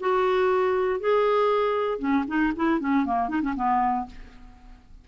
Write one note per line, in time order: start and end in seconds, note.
0.00 1.00 F#4
1.00 1.99 G#4
1.99 2.24 C#4
2.27 2.53 D#4
2.56 2.80 E4
2.80 3.05 C#4
3.06 3.29 A#3
3.29 3.42 D#4
3.42 3.55 C#4
3.55 4.06 B3